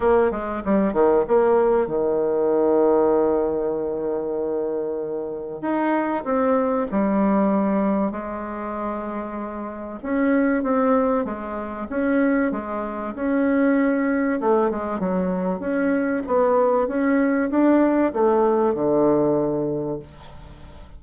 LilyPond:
\new Staff \with { instrumentName = "bassoon" } { \time 4/4 \tempo 4 = 96 ais8 gis8 g8 dis8 ais4 dis4~ | dis1~ | dis4 dis'4 c'4 g4~ | g4 gis2. |
cis'4 c'4 gis4 cis'4 | gis4 cis'2 a8 gis8 | fis4 cis'4 b4 cis'4 | d'4 a4 d2 | }